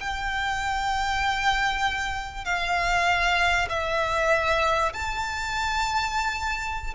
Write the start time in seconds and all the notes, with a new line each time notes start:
0.00 G5
2.45 F5
3.69 E5
4.93 A5